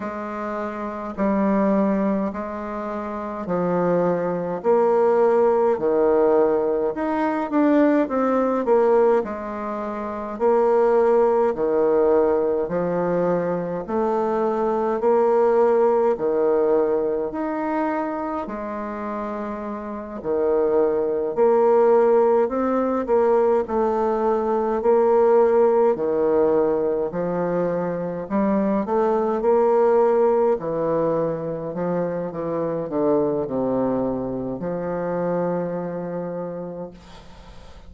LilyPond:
\new Staff \with { instrumentName = "bassoon" } { \time 4/4 \tempo 4 = 52 gis4 g4 gis4 f4 | ais4 dis4 dis'8 d'8 c'8 ais8 | gis4 ais4 dis4 f4 | a4 ais4 dis4 dis'4 |
gis4. dis4 ais4 c'8 | ais8 a4 ais4 dis4 f8~ | f8 g8 a8 ais4 e4 f8 | e8 d8 c4 f2 | }